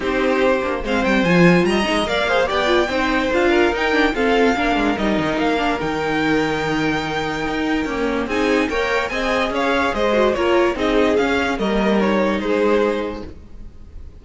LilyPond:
<<
  \new Staff \with { instrumentName = "violin" } { \time 4/4 \tempo 4 = 145 c''2 f''8 g''8 gis''4 | ais''4 f''4 g''2 | f''4 g''4 f''2 | dis''4 f''4 g''2~ |
g''1 | gis''4 g''4 gis''4 f''4 | dis''4 cis''4 dis''4 f''4 | dis''4 cis''4 c''2 | }
  \new Staff \with { instrumentName = "violin" } { \time 4/4 g'2 c''2 | dis''4 d''8 c''8 d''4 c''4~ | c''8 ais'4. a'4 ais'4~ | ais'1~ |
ais'1 | gis'4 cis''4 dis''4 cis''4 | c''4 ais'4 gis'2 | ais'2 gis'2 | }
  \new Staff \with { instrumentName = "viola" } { \time 4/4 dis'4. d'8 c'4 f'4~ | f'8 dis'8 ais'8 gis'8 g'8 f'8 dis'4 | f'4 dis'8 d'8 c'4 d'4 | dis'4. d'8 dis'2~ |
dis'2. ais4 | dis'4 ais'4 gis'2~ | gis'8 fis'8 f'4 dis'4 cis'4 | ais4 dis'2. | }
  \new Staff \with { instrumentName = "cello" } { \time 4/4 c'4. ais8 gis8 g8 f4 | g8 gis8 ais4 b4 c'4 | d'4 dis'4 f'4 ais8 gis8 | g8 dis8 ais4 dis2~ |
dis2 dis'4 cis'4 | c'4 ais4 c'4 cis'4 | gis4 ais4 c'4 cis'4 | g2 gis2 | }
>>